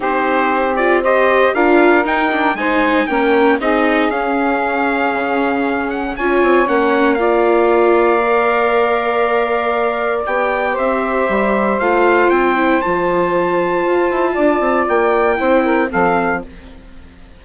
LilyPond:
<<
  \new Staff \with { instrumentName = "trumpet" } { \time 4/4 \tempo 4 = 117 c''4. d''8 dis''4 f''4 | g''4 gis''4 g''4 dis''4 | f''2.~ f''8 fis''8 | gis''4 fis''4 f''2~ |
f''1 | g''4 e''2 f''4 | g''4 a''2.~ | a''4 g''2 f''4 | }
  \new Staff \with { instrumentName = "saxophone" } { \time 4/4 g'2 c''4 ais'4~ | ais'4 c''4 ais'4 gis'4~ | gis'1 | cis''2 d''2~ |
d''1~ | d''4 c''2.~ | c''1 | d''2 c''8 ais'8 a'4 | }
  \new Staff \with { instrumentName = "viola" } { \time 4/4 dis'4. f'8 g'4 f'4 | dis'8 d'8 dis'4 cis'4 dis'4 | cis'1 | f'4 cis'4 f'2 |
ais'1 | g'2. f'4~ | f'8 e'8 f'2.~ | f'2 e'4 c'4 | }
  \new Staff \with { instrumentName = "bassoon" } { \time 4/4 c'2. d'4 | dis'4 gis4 ais4 c'4 | cis'2 cis2 | cis'8 c'8 ais2.~ |
ais1 | b4 c'4 g4 a4 | c'4 f2 f'8 e'8 | d'8 c'8 ais4 c'4 f4 | }
>>